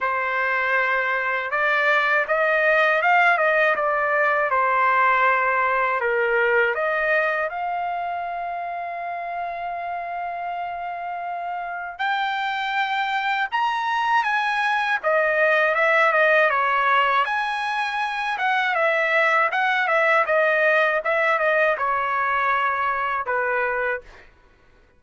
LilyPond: \new Staff \with { instrumentName = "trumpet" } { \time 4/4 \tempo 4 = 80 c''2 d''4 dis''4 | f''8 dis''8 d''4 c''2 | ais'4 dis''4 f''2~ | f''1 |
g''2 ais''4 gis''4 | dis''4 e''8 dis''8 cis''4 gis''4~ | gis''8 fis''8 e''4 fis''8 e''8 dis''4 | e''8 dis''8 cis''2 b'4 | }